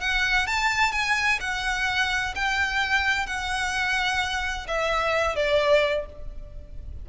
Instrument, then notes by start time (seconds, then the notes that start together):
violin
0.00 F#5
0.47 A5
0.92 G#5
1.40 F#5
2.35 G5
3.26 F#5
4.67 E5
5.35 D5